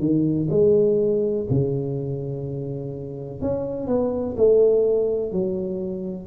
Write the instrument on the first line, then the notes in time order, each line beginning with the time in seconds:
tuba
0.00 D#3
0.51 G#3
1.50 C#3
3.42 C#4
3.88 B3
4.38 A3
5.32 F#3